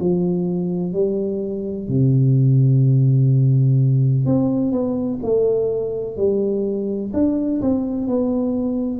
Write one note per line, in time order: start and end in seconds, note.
0.00 0.93 F3
0.93 1.88 G3
1.88 4.26 C3
4.26 4.72 C4
4.72 5.19 B3
5.23 6.17 A3
6.17 7.12 G3
7.13 7.61 D4
7.62 8.07 C4
8.07 9.00 B3